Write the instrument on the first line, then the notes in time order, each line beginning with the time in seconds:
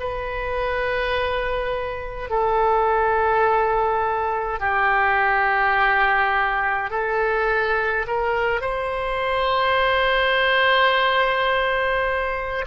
oboe
0.00 B4
2.30 A4
4.60 G4
6.90 A4
8.07 A#4
8.61 C5